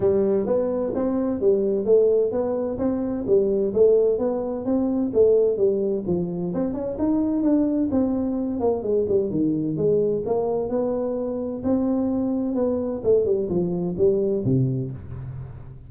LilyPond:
\new Staff \with { instrumentName = "tuba" } { \time 4/4 \tempo 4 = 129 g4 b4 c'4 g4 | a4 b4 c'4 g4 | a4 b4 c'4 a4 | g4 f4 c'8 cis'8 dis'4 |
d'4 c'4. ais8 gis8 g8 | dis4 gis4 ais4 b4~ | b4 c'2 b4 | a8 g8 f4 g4 c4 | }